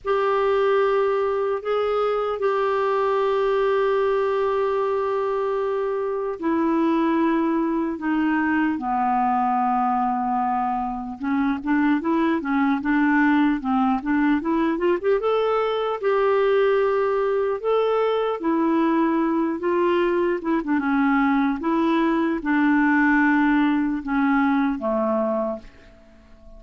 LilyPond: \new Staff \with { instrumentName = "clarinet" } { \time 4/4 \tempo 4 = 75 g'2 gis'4 g'4~ | g'1 | e'2 dis'4 b4~ | b2 cis'8 d'8 e'8 cis'8 |
d'4 c'8 d'8 e'8 f'16 g'16 a'4 | g'2 a'4 e'4~ | e'8 f'4 e'16 d'16 cis'4 e'4 | d'2 cis'4 a4 | }